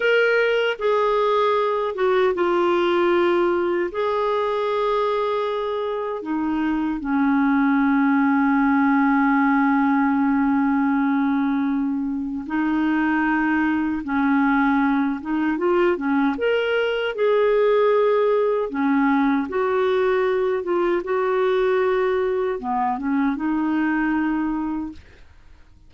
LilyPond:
\new Staff \with { instrumentName = "clarinet" } { \time 4/4 \tempo 4 = 77 ais'4 gis'4. fis'8 f'4~ | f'4 gis'2. | dis'4 cis'2.~ | cis'1 |
dis'2 cis'4. dis'8 | f'8 cis'8 ais'4 gis'2 | cis'4 fis'4. f'8 fis'4~ | fis'4 b8 cis'8 dis'2 | }